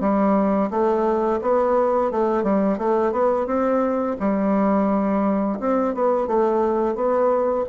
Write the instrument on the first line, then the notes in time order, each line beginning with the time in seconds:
bassoon
0.00 G3
0.70 A3
1.41 B3
2.11 A3
2.43 G3
2.78 A3
3.12 B3
3.46 C4
4.20 G3
5.59 C4
5.94 B3
6.27 A3
6.95 B3